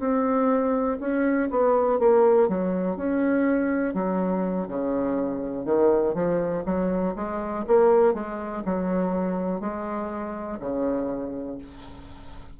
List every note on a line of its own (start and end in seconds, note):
0.00 0.98 C4
1.00 1.49 C#4
1.50 1.99 B3
1.99 2.49 A#3
2.49 2.96 F#3
2.96 3.94 C#4
3.94 4.68 F#3
4.68 5.65 C#3
5.65 6.14 D#3
6.14 6.63 F3
6.65 7.14 F#3
7.16 7.65 G#3
7.67 8.14 A#3
8.14 8.63 G#3
8.66 9.60 F#3
9.60 10.59 G#3
10.60 11.58 C#3